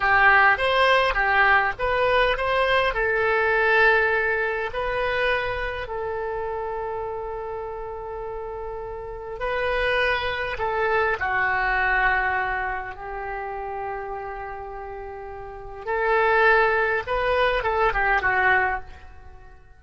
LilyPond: \new Staff \with { instrumentName = "oboe" } { \time 4/4 \tempo 4 = 102 g'4 c''4 g'4 b'4 | c''4 a'2. | b'2 a'2~ | a'1 |
b'2 a'4 fis'4~ | fis'2 g'2~ | g'2. a'4~ | a'4 b'4 a'8 g'8 fis'4 | }